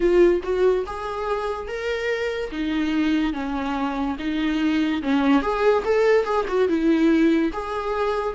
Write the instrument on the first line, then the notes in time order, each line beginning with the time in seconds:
viola
0.00 F4
0.43 F#4
0.86 G#4
1.67 A#4
2.51 D#4
3.33 C#4
4.19 D#4
5.02 C#4
5.42 G#4
5.84 A4
6.25 G#4
6.48 F#4
6.68 E4
7.52 G#4